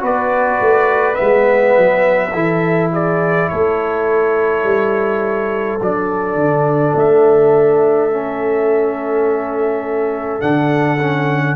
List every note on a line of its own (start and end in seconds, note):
0.00 0.61 B3
0.00 1.15 F#4
0.00 2.33 B4
0.00 1.15 D5
0.61 1.19 A3
1.15 1.78 G#3
1.15 2.31 B3
1.15 2.88 E5
1.78 2.34 F#3
2.33 3.50 E3
2.33 5.80 E4
2.33 2.91 A4
2.92 3.50 G#4
2.92 3.49 D5
3.49 4.64 A3
3.49 11.56 A4
3.49 5.80 C#5
4.64 5.79 G3
5.81 6.35 F#3
5.81 8.11 D4
5.81 6.98 D5
6.35 6.93 D3
6.95 10.42 A3
6.95 10.41 E5
8.11 10.41 C#4
10.41 11.56 D3
10.41 10.98 D4
10.41 11.56 F#5
11.00 11.56 C#4